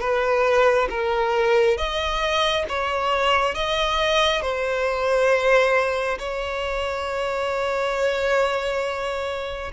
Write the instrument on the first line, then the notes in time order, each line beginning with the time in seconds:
violin
0.00 B4
0.90 A#4
1.77 D#5
2.69 C#5
3.55 D#5
4.42 C5
6.19 C#5